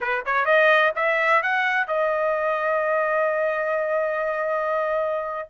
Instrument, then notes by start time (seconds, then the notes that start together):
trumpet
0.00 B4
0.25 C#5
0.45 D#5
0.95 E5
1.42 F#5
1.87 D#5